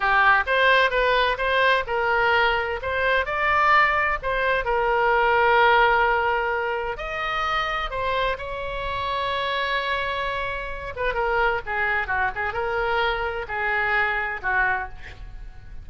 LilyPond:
\new Staff \with { instrumentName = "oboe" } { \time 4/4 \tempo 4 = 129 g'4 c''4 b'4 c''4 | ais'2 c''4 d''4~ | d''4 c''4 ais'2~ | ais'2. dis''4~ |
dis''4 c''4 cis''2~ | cis''2.~ cis''8 b'8 | ais'4 gis'4 fis'8 gis'8 ais'4~ | ais'4 gis'2 fis'4 | }